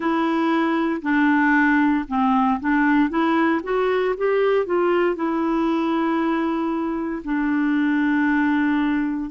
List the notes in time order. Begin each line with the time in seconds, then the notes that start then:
0.00 E4
1.02 D4
2.07 C4
2.60 D4
3.09 E4
3.63 F#4
4.17 G4
4.66 F4
5.15 E4
7.24 D4